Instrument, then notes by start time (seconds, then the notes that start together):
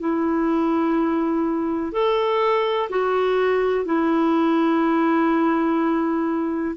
clarinet
0.00 E4
1.92 A4
2.89 F#4
3.85 E4